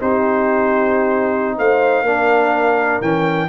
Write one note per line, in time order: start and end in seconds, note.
0.00 1.59 C4
0.00 2.06 D#4
0.00 1.57 G4
0.00 1.58 C5
1.58 2.02 A3
1.58 2.04 C5
1.58 3.02 F5
2.02 2.99 A#3
2.02 3.03 D4
2.02 3.49 A#4
3.02 3.49 E3
3.02 3.49 C#4
3.02 3.49 G5